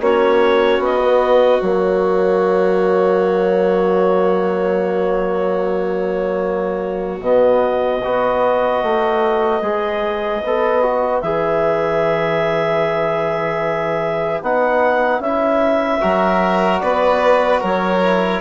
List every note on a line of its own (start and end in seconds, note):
0.00 0.79 A#3
0.00 1.00 C#4
0.00 8.02 F#4
0.00 0.82 C#5
0.79 1.59 B3
0.79 1.61 D#5
1.04 1.60 B3
1.60 7.20 F#3
1.60 7.20 A#3
1.60 7.21 C#5
7.20 8.00 B2
7.20 8.01 B3
7.20 11.21 D#5
8.02 8.82 B3
8.02 9.62 F#4
8.02 16.01 B4
8.82 9.61 A3
9.61 10.41 G#3
9.61 10.42 G#4
10.43 11.22 B3
10.43 10.82 A4
10.82 11.22 F#4
11.21 14.42 E3
11.21 14.42 G#4
11.21 14.41 E5
14.42 15.19 B3
14.42 15.22 D#4
14.42 15.20 F#5
15.19 15.99 C#4
15.19 16.01 E4
15.19 16.79 E5
16.01 16.81 F#3
16.01 18.01 F#4
16.01 16.81 A#4
16.79 17.61 B3
16.79 17.60 B4
16.79 17.59 D5
17.60 18.41 F#3
17.60 18.40 A#4
17.60 18.41 C#5
18.03 18.41 E4